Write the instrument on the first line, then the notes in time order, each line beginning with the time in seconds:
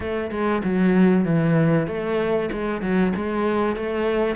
cello
0.00 A3
0.30 G#3
0.63 F#3
1.24 E3
1.87 A3
2.51 G#3
2.81 F#3
3.16 G#3
3.76 A3